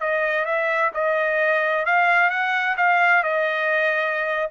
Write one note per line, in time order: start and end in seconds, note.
0.00 0.45 D#5
0.45 0.91 E5
0.94 1.85 D#5
1.85 2.30 F5
2.30 2.76 F#5
2.77 3.23 F5
3.23 4.50 D#5